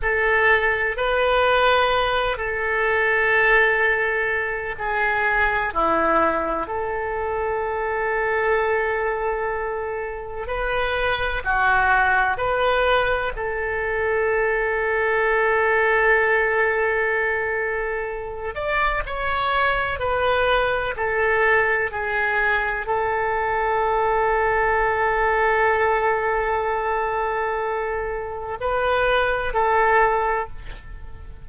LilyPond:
\new Staff \with { instrumentName = "oboe" } { \time 4/4 \tempo 4 = 63 a'4 b'4. a'4.~ | a'4 gis'4 e'4 a'4~ | a'2. b'4 | fis'4 b'4 a'2~ |
a'2.~ a'8 d''8 | cis''4 b'4 a'4 gis'4 | a'1~ | a'2 b'4 a'4 | }